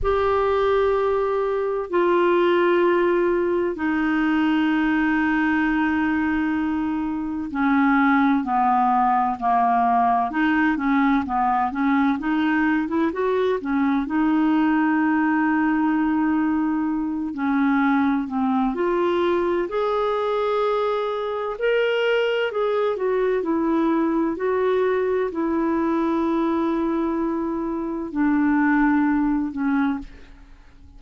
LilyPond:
\new Staff \with { instrumentName = "clarinet" } { \time 4/4 \tempo 4 = 64 g'2 f'2 | dis'1 | cis'4 b4 ais4 dis'8 cis'8 | b8 cis'8 dis'8. e'16 fis'8 cis'8 dis'4~ |
dis'2~ dis'8 cis'4 c'8 | f'4 gis'2 ais'4 | gis'8 fis'8 e'4 fis'4 e'4~ | e'2 d'4. cis'8 | }